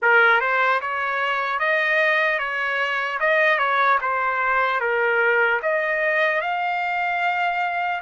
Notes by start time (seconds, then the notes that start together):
0.01 A#4
0.40 C5
0.81 C#5
1.59 D#5
2.38 C#5
3.20 D#5
3.58 C#5
4.01 C5
4.80 A#4
5.62 D#5
6.41 F5